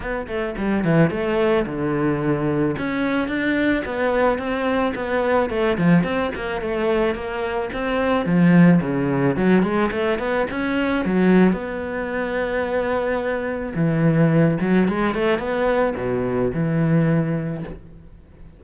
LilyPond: \new Staff \with { instrumentName = "cello" } { \time 4/4 \tempo 4 = 109 b8 a8 g8 e8 a4 d4~ | d4 cis'4 d'4 b4 | c'4 b4 a8 f8 c'8 ais8 | a4 ais4 c'4 f4 |
cis4 fis8 gis8 a8 b8 cis'4 | fis4 b2.~ | b4 e4. fis8 gis8 a8 | b4 b,4 e2 | }